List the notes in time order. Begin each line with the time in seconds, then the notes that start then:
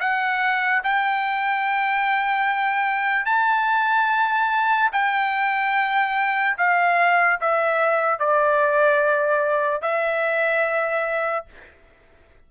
0.00 F#5
0.84 G5
3.26 A5
4.93 G5
6.58 F5
7.41 E5
8.20 D5
9.82 E5